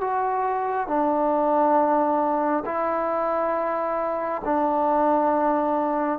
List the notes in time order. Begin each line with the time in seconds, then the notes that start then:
0.00 F#4
0.87 D4
2.65 E4
4.44 D4